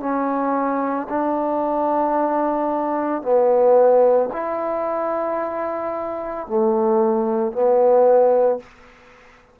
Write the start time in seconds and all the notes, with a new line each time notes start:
0.00 C#4
1.09 D4
3.22 B3
4.32 E4
6.47 A3
7.52 B3